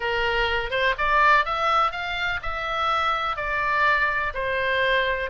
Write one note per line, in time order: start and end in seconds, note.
0.00 0.70 A#4
0.70 0.94 C5
0.98 1.45 D5
1.45 1.91 E5
1.91 2.40 F5
2.42 3.36 E5
3.36 4.33 D5
4.34 5.30 C5